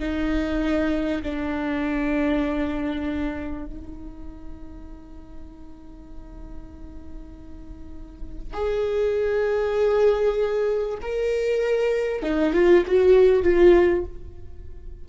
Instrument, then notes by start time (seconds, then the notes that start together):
viola
0.00 D#4
1.23 D4
3.66 D#4
8.54 G#4
11.02 A#4
12.23 D#4
12.54 F4
12.86 F#4
13.44 F4